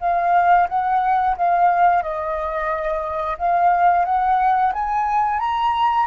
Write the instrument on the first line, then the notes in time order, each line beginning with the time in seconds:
flute
0.00 F5
0.68 F#5
1.36 F5
2.02 D#5
3.38 F5
4.05 F#5
4.73 G#5
5.39 A#5